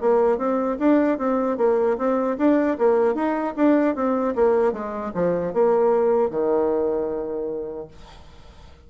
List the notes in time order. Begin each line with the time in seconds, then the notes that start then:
0.00 A#3
0.38 C4
0.79 D4
1.18 C4
1.57 A#3
1.97 C4
2.38 D4
2.78 A#3
3.14 D#4
3.56 D4
3.95 C4
4.35 A#3
4.73 G#3
5.14 F3
5.53 A#3
6.30 D#3